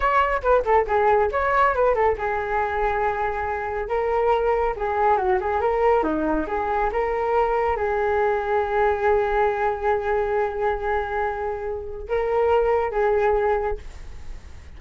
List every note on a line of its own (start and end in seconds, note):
0.00 0.41 C#5
0.42 0.64 B4
0.65 0.86 A4
0.87 1.30 G#4
1.31 1.74 C#5
1.74 1.94 B4
1.94 2.16 A4
2.17 3.88 G#4
3.88 4.74 A#4
4.76 5.17 G#4
5.17 5.38 F#4
5.40 5.61 G#4
5.61 6.03 A#4
6.03 6.46 D#4
6.47 6.90 G#4
6.92 7.76 A#4
7.76 12.08 G#4
12.08 12.91 A#4
12.91 13.77 G#4